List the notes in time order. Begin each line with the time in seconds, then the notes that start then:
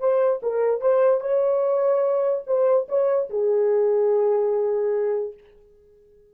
0.00 C5
0.43 A#4
0.81 C5
1.21 C#5
2.47 C5
2.89 C#5
3.30 G#4